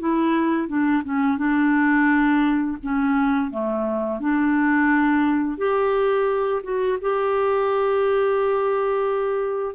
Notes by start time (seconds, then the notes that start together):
0.00 E4
0.68 D4
1.04 C#4
1.38 D4
2.83 C#4
3.51 A3
4.21 D4
5.58 G4
6.63 F#4
7.02 G4